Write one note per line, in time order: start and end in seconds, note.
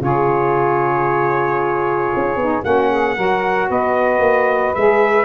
0.00 2.11 C#3
0.00 2.37 F4
0.00 2.65 G#4
0.00 2.64 C#5
2.15 2.36 C#4
2.36 2.62 B3
2.36 2.62 D#4
2.62 3.17 A#3
2.62 3.15 C#4
2.62 2.89 F#4
2.62 3.70 F#5
2.89 3.15 G#4
3.15 3.70 F#3
3.15 4.74 F#4
3.15 3.68 A#4
3.70 4.19 B3
3.70 5.25 B4
3.70 4.75 D#5
4.19 4.72 A#3
4.75 5.25 G#3
4.75 5.25 G#4
4.75 5.25 E5